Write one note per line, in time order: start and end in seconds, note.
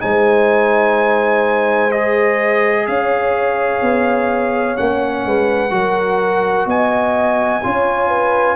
0.00 2.88 G#3
0.00 1.90 D#4
0.00 2.88 C5
0.00 1.92 G#5
1.92 4.77 G#4
1.92 2.87 D#5
2.87 3.82 C#4
2.87 5.26 C#5
2.87 4.77 F5
3.82 4.77 B3
4.77 5.26 A#3
4.77 5.71 C#4
4.77 6.68 F#5
5.26 5.71 G#3
5.26 5.73 B4
5.71 6.66 F#3
5.71 7.61 F#4
5.71 6.68 A#4
6.66 7.61 B3
6.66 7.63 D#5
6.66 8.56 G#5
7.63 8.56 C#4
7.63 8.56 F4
7.63 8.08 C#5
8.08 8.56 B4